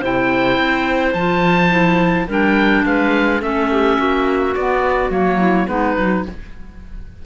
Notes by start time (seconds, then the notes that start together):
0.00 C3 E4 C5 G5
0.57 C4
1.13 F3 F4 A5
1.69 E4
2.27 G3 D4 A#4 G5
2.85 G#3 B4 F5
3.41 A3 C#4 A4 E5
3.71 G4
3.97 A#3 F#4
4.55 B3 D5
5.10 F#3 A#3 C#5
5.37 E4
5.66 G#3 B3 D#4 B4
5.95 F#3 D#4